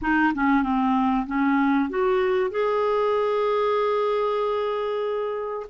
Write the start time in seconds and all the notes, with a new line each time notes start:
0.01 D#4
0.34 C#4
0.63 C4
1.26 C#4
1.89 F#4
2.50 G#4